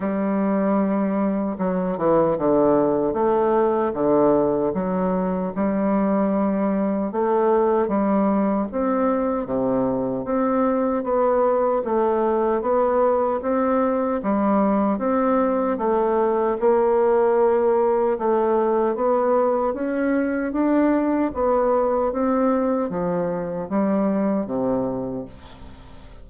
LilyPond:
\new Staff \with { instrumentName = "bassoon" } { \time 4/4 \tempo 4 = 76 g2 fis8 e8 d4 | a4 d4 fis4 g4~ | g4 a4 g4 c'4 | c4 c'4 b4 a4 |
b4 c'4 g4 c'4 | a4 ais2 a4 | b4 cis'4 d'4 b4 | c'4 f4 g4 c4 | }